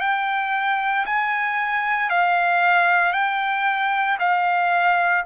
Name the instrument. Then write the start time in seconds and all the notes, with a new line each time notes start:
trumpet
0.00 G5
1.05 G#5
2.09 F5
3.12 G5
4.19 F5